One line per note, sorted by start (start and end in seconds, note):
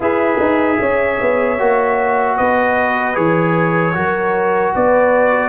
0.00 0.38 E4
0.00 1.58 G#4
0.00 0.79 B4
0.00 2.37 E5
0.39 0.79 D#4
0.80 1.19 C#4
0.80 2.36 C#5
1.20 1.59 B3
1.58 2.38 A#3
1.58 3.14 F#4
2.36 3.16 B3
2.36 3.94 B4
2.36 3.15 D#5
3.14 3.95 E3
3.14 3.93 G#4
3.14 4.73 C#5
3.94 4.74 F#3
3.94 5.49 F#4
3.94 4.74 A#4
4.75 5.49 B3
4.75 5.49 B4
4.75 5.49 D5